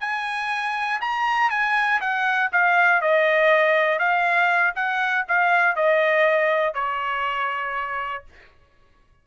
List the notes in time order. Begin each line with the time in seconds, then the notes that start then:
0.00 G#5
1.01 A#5
1.50 G#5
2.00 F#5
2.52 F5
3.01 D#5
3.99 F5
4.75 F#5
5.28 F5
5.76 D#5
6.74 C#5